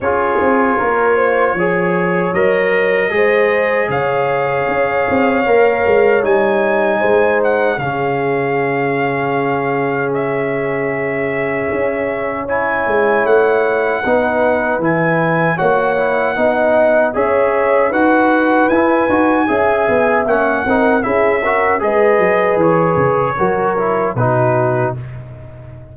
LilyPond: <<
  \new Staff \with { instrumentName = "trumpet" } { \time 4/4 \tempo 4 = 77 cis''2. dis''4~ | dis''4 f''2. | gis''4. fis''8 f''2~ | f''4 e''2. |
gis''4 fis''2 gis''4 | fis''2 e''4 fis''4 | gis''2 fis''4 e''4 | dis''4 cis''2 b'4 | }
  \new Staff \with { instrumentName = "horn" } { \time 4/4 gis'4 ais'8 c''8 cis''2 | c''4 cis''2.~ | cis''4 c''4 gis'2~ | gis'1 |
cis''2 b'2 | cis''4 dis''4 cis''4 b'4~ | b'4 e''4. ais'8 gis'8 ais'8 | b'2 ais'4 fis'4 | }
  \new Staff \with { instrumentName = "trombone" } { \time 4/4 f'2 gis'4 ais'4 | gis'2. ais'4 | dis'2 cis'2~ | cis'1 |
e'2 dis'4 e'4 | fis'8 e'8 dis'4 gis'4 fis'4 | e'8 fis'8 gis'4 cis'8 dis'8 e'8 fis'8 | gis'2 fis'8 e'8 dis'4 | }
  \new Staff \with { instrumentName = "tuba" } { \time 4/4 cis'8 c'8 ais4 f4 fis4 | gis4 cis4 cis'8 c'8 ais8 gis8 | g4 gis4 cis2~ | cis2. cis'4~ |
cis'8 gis8 a4 b4 e4 | ais4 b4 cis'4 dis'4 | e'8 dis'8 cis'8 b8 ais8 c'8 cis'4 | gis8 fis8 e8 cis8 fis4 b,4 | }
>>